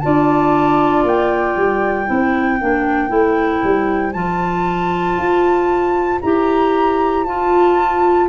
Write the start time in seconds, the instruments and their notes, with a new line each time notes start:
0.00 tuba D4, clarinet F4, flute D5 A5
1.04 tuba A#3, flute G5
1.57 tuba G3
2.07 tuba C4, clarinet E4, flute C5
2.60 tuba A#3, clarinet D4
3.09 tuba A3, clarinet E4
3.64 tuba G3
4.13 tuba F3, clarinet F4, flute A5
5.18 tuba F4
6.22 tuba E4, clarinet G4, flute A#5
7.24 tuba F4, clarinet F4, flute A5